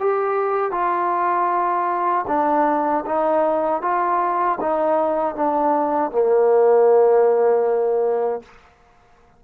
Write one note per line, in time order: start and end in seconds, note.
0.00 0.72 G4
0.72 2.26 F4
2.28 3.05 D4
3.06 3.82 D#4
3.82 4.59 F4
4.61 5.36 D#4
5.36 6.12 D4
6.12 8.43 A#3